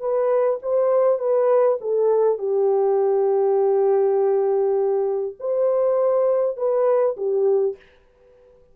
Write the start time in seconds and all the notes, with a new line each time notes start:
0.00 B4
0.62 C5
1.19 B4
1.81 A4
2.38 G4
5.40 C5
6.57 B4
7.17 G4